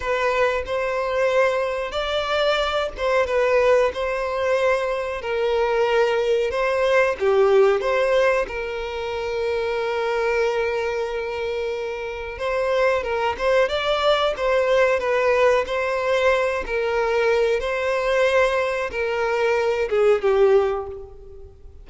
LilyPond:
\new Staff \with { instrumentName = "violin" } { \time 4/4 \tempo 4 = 92 b'4 c''2 d''4~ | d''8 c''8 b'4 c''2 | ais'2 c''4 g'4 | c''4 ais'2.~ |
ais'2. c''4 | ais'8 c''8 d''4 c''4 b'4 | c''4. ais'4. c''4~ | c''4 ais'4. gis'8 g'4 | }